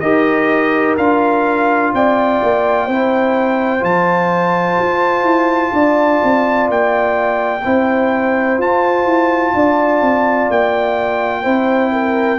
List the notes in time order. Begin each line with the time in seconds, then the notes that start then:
0.00 D#4 G4 A#4 D#5
0.98 D4 F4 F5
1.94 C4 D5 G5
2.43 A#3
2.86 C4 E4 C5
3.80 F3 F4 A5
4.79 F4
5.23 E4
5.73 D4 D5
6.24 C4
6.69 A#3 G5
7.65 C4 E4 C5
8.58 F4 A5
9.06 E4
9.54 D4 D5
10.02 C4
10.50 A#3 G5
11.43 C4 E4 C5
11.92 A#4